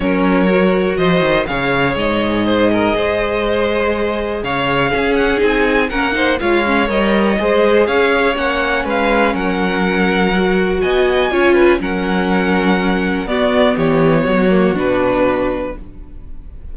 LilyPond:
<<
  \new Staff \with { instrumentName = "violin" } { \time 4/4 \tempo 4 = 122 cis''2 dis''4 f''4 | dis''1~ | dis''4 f''4. fis''8 gis''4 | fis''4 f''4 dis''2 |
f''4 fis''4 f''4 fis''4~ | fis''2 gis''2 | fis''2. d''4 | cis''2 b'2 | }
  \new Staff \with { instrumentName = "violin" } { \time 4/4 ais'2 c''4 cis''4~ | cis''4 c''8 ais'8 c''2~ | c''4 cis''4 gis'2 | ais'8 c''8 cis''2 c''4 |
cis''2 b'4 ais'4~ | ais'2 dis''4 cis''8 b'8 | ais'2. fis'4 | g'4 fis'2. | }
  \new Staff \with { instrumentName = "viola" } { \time 4/4 cis'4 fis'2 gis'4~ | gis'1~ | gis'2 cis'4 dis'4 | cis'8 dis'8 f'8 cis'8 ais'4 gis'4~ |
gis'4 cis'2.~ | cis'4 fis'2 f'4 | cis'2. b4~ | b4. ais8 d'2 | }
  \new Staff \with { instrumentName = "cello" } { \time 4/4 fis2 f8 dis8 cis4 | gis,2 gis2~ | gis4 cis4 cis'4 c'4 | ais4 gis4 g4 gis4 |
cis'4 ais4 gis4 fis4~ | fis2 b4 cis'4 | fis2. b4 | e4 fis4 b,2 | }
>>